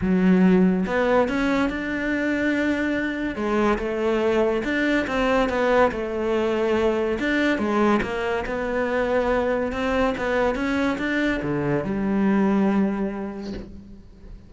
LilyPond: \new Staff \with { instrumentName = "cello" } { \time 4/4 \tempo 4 = 142 fis2 b4 cis'4 | d'1 | gis4 a2 d'4 | c'4 b4 a2~ |
a4 d'4 gis4 ais4 | b2. c'4 | b4 cis'4 d'4 d4 | g1 | }